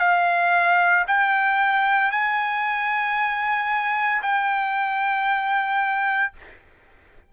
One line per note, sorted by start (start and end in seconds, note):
0.00 1.05 F5
1.08 2.11 G5
2.11 4.22 G#5
4.22 6.33 G5